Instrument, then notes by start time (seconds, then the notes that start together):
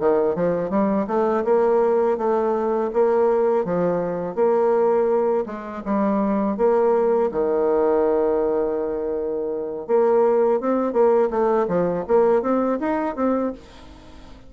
bassoon
0.00 D#3
0.36 F3
0.70 G3
1.07 A3
1.45 A#3
2.18 A3
2.93 A#3
3.65 F3
4.35 A#3
5.46 G#3
5.85 G3
6.57 A#3
7.32 D#3
9.87 A#3
10.61 C4
10.93 A#3
11.30 A3
11.68 F3
12.08 A#3
12.42 C4
12.80 D#4
13.16 C4